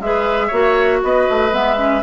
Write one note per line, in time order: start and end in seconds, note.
0.00 0.50 G#3
0.00 0.52 G#4
0.00 0.47 B4
0.00 1.02 E5
0.47 1.02 A#3
0.47 1.51 F#4
0.47 0.98 C#5
1.03 1.28 B3
1.03 2.03 B4
1.03 1.54 D#5
1.30 1.52 A3
1.51 2.03 G#3
1.51 1.76 B3
1.51 2.03 E5
1.77 2.02 C#4